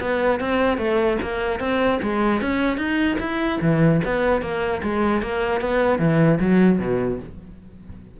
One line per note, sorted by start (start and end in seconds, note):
0.00 0.39 B3
0.39 0.77 C4
0.77 1.17 A3
1.22 1.59 A#3
1.59 1.99 C4
2.02 2.41 G#3
2.41 2.77 C#4
2.77 3.17 D#4
3.19 3.59 E4
3.61 4.01 E3
4.04 4.41 B3
4.41 4.81 A#3
4.82 5.22 G#3
5.22 5.60 A#3
5.60 5.99 B3
5.99 6.39 E3
6.40 6.79 F#3
6.79 7.19 B2